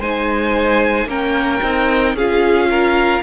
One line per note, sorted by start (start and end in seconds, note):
0.00 1.06 G#3
0.00 1.09 D#4
0.00 1.08 C5
0.00 1.10 G#5
1.06 1.60 A#3
1.06 1.62 C#4
1.06 2.16 A#4
1.06 2.17 G5
1.63 2.14 C4
1.63 2.17 D#4
2.14 3.21 C#4
2.14 3.23 F4
2.14 2.70 G#4
2.14 3.23 F5
2.70 3.23 A#4